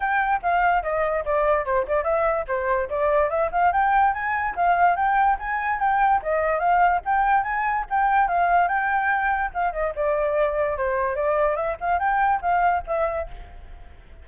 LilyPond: \new Staff \with { instrumentName = "flute" } { \time 4/4 \tempo 4 = 145 g''4 f''4 dis''4 d''4 | c''8 d''8 e''4 c''4 d''4 | e''8 f''8 g''4 gis''4 f''4 | g''4 gis''4 g''4 dis''4 |
f''4 g''4 gis''4 g''4 | f''4 g''2 f''8 dis''8 | d''2 c''4 d''4 | e''8 f''8 g''4 f''4 e''4 | }